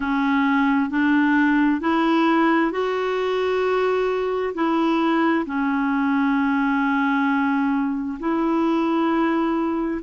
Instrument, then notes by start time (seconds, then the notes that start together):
clarinet
0.00 C#4
0.90 D4
1.81 E4
2.71 F#4
4.54 E4
5.45 C#4
8.19 E4